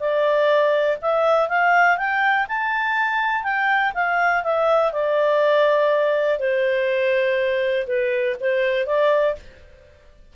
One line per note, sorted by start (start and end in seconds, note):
0.00 0.98 D5
1.01 1.49 E5
1.49 1.97 F5
1.97 2.47 G5
2.48 3.44 A5
3.44 3.93 G5
3.95 4.44 F5
4.44 4.92 E5
4.92 6.39 D5
6.39 7.87 C5
7.87 8.36 B4
8.40 8.86 C5
8.86 9.35 D5